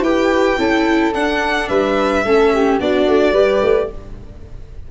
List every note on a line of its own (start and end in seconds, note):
0.00 0.55 E4
0.00 0.57 G4
0.00 0.58 B4
0.00 1.13 G5
0.57 1.13 C#4
0.57 1.12 E4
0.57 1.68 A4
1.13 1.68 D4
1.13 2.24 D4
1.13 1.68 F#5
1.68 2.24 G3
1.68 2.23 B4
1.68 2.78 E5
2.24 2.79 A3
2.24 2.79 C#4
2.24 2.52 A4
2.53 2.79 G4
2.79 3.07 B3
2.79 3.34 D4
2.79 3.32 F#4
2.79 3.90 D5
3.07 3.32 A3
3.32 3.60 G3
3.32 3.89 G4
3.32 3.87 B4
3.62 3.90 A3